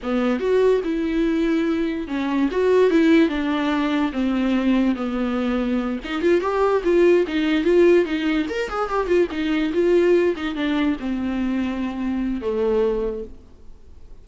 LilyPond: \new Staff \with { instrumentName = "viola" } { \time 4/4 \tempo 4 = 145 b4 fis'4 e'2~ | e'4 cis'4 fis'4 e'4 | d'2 c'2 | b2~ b8 dis'8 f'8 g'8~ |
g'8 f'4 dis'4 f'4 dis'8~ | dis'8 ais'8 gis'8 g'8 f'8 dis'4 f'8~ | f'4 dis'8 d'4 c'4.~ | c'2 a2 | }